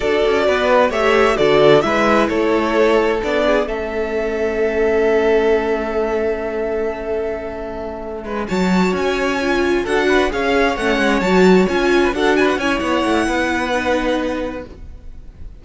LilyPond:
<<
  \new Staff \with { instrumentName = "violin" } { \time 4/4 \tempo 4 = 131 d''2 e''4 d''4 | e''4 cis''2 d''4 | e''1~ | e''1~ |
e''2~ e''8 a''4 gis''8~ | gis''4. fis''4 f''4 fis''8~ | fis''8 a''4 gis''4 fis''8 gis''16 fis''16 gis''8 | fis''1 | }
  \new Staff \with { instrumentName = "violin" } { \time 4/4 a'4 b'4 cis''4 a'4 | b'4 a'2~ a'8 gis'8 | a'1~ | a'1~ |
a'2 b'8 cis''4.~ | cis''4. a'8 b'8 cis''4.~ | cis''2~ cis''16 b'16 a'8 b'8 cis''8~ | cis''4 b'2. | }
  \new Staff \with { instrumentName = "viola" } { \time 4/4 fis'2 g'4 fis'4 | e'2. d'4 | cis'1~ | cis'1~ |
cis'2~ cis'8 fis'4.~ | fis'8 f'4 fis'4 gis'4 cis'8~ | cis'8 fis'4 f'4 fis'4 e'8~ | e'2 dis'2 | }
  \new Staff \with { instrumentName = "cello" } { \time 4/4 d'8 cis'8 b4 a4 d4 | gis4 a2 b4 | a1~ | a1~ |
a2 gis8 fis4 cis'8~ | cis'4. d'4 cis'4 a8 | gis8 fis4 cis'4 d'4 cis'8 | b8 a8 b2. | }
>>